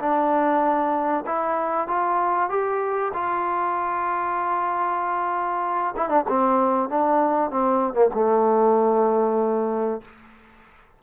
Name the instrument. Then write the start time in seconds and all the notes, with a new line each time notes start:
trombone
0.00 D4
1.27 E4
1.88 F4
2.50 G4
3.14 F4
5.97 E4
6.09 D4
6.29 C4
6.90 D4
7.51 C4
7.94 A#3
8.14 A3